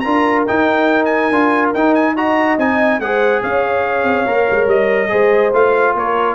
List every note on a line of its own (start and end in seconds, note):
0.00 0.48 D4
0.00 0.47 F4
0.00 2.15 A#4
0.00 0.42 A#5
0.47 1.33 D#4
0.47 1.31 D#4
0.47 1.05 G5
1.05 1.69 G#5
1.31 1.74 D4
1.31 1.75 F4
1.74 2.58 D#4
1.74 2.17 D#4
1.74 1.95 G5
1.95 2.16 G#5
2.15 2.59 F#4
2.15 2.99 D#5
2.15 2.59 A#5
2.58 3.00 C4
2.58 3.01 D#4
2.58 3.00 G#5
3.00 3.42 G#3
3.00 4.27 G#4
3.00 3.43 C5
3.00 3.43 F#5
3.43 4.04 C#4
3.43 5.11 C#5
3.43 4.69 F5
4.04 4.25 C4
4.26 4.48 A#3
4.26 5.09 A#4
4.51 4.66 G#3
4.66 5.09 G3
4.66 5.54 D#5
5.09 5.53 G#3
5.09 5.51 G#4
5.09 5.95 C5
5.53 5.95 A3
5.53 6.35 F4
5.53 5.97 F5
5.95 6.35 A#3
5.95 6.35 A#4
5.95 6.35 C#5